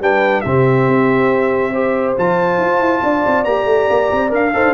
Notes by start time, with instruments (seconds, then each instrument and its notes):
0.00 tuba G3, trombone D4, horn B4, trumpet G5
0.41 tuba C3, trombone C4, horn G4, trumpet E5
0.87 tuba C4
1.72 trombone G4, horn C5
2.17 tuba F3, trombone F4, trumpet A5
2.58 tuba F4
2.79 tuba E4
3.03 tuba D4, horn D5
3.26 tuba C4
3.44 tuba A#3, trombone G4, trumpet A#5
3.65 tuba A3
3.89 tuba A#3
4.11 tuba C4
4.29 tuba D4, trombone A#4, trumpet F5
4.53 tuba D#4, trombone A4, horn C5
4.64 tuba D4